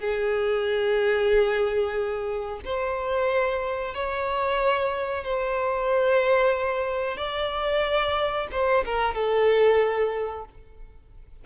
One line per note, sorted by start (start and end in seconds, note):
0.00 2.61 G#4
2.65 3.95 C5
3.95 5.25 C#5
5.25 7.18 C5
7.18 8.48 D5
8.52 8.85 C5
8.86 9.15 A#4
9.15 10.45 A4